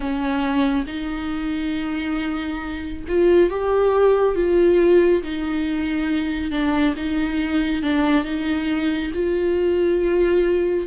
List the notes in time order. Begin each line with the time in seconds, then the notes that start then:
0.00 C#4
0.87 D#4
3.08 F4
3.50 G4
4.35 F4
5.22 D#4
6.51 D4
6.96 D#4
7.82 D4
8.24 D#4
9.13 F4